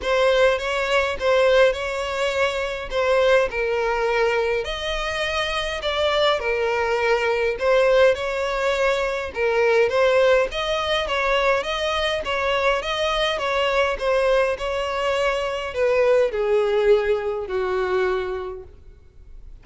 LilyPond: \new Staff \with { instrumentName = "violin" } { \time 4/4 \tempo 4 = 103 c''4 cis''4 c''4 cis''4~ | cis''4 c''4 ais'2 | dis''2 d''4 ais'4~ | ais'4 c''4 cis''2 |
ais'4 c''4 dis''4 cis''4 | dis''4 cis''4 dis''4 cis''4 | c''4 cis''2 b'4 | gis'2 fis'2 | }